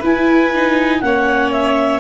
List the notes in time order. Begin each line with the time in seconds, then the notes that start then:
0.00 E4 B4 G#5
0.56 D#4
1.01 A#3 C#4 C#5 F#5
1.52 E5